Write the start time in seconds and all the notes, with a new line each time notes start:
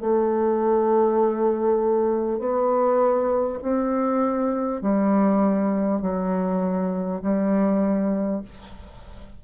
0.00 A3
2.39 B3
3.62 C4
4.81 G3
6.01 F#3
7.22 G3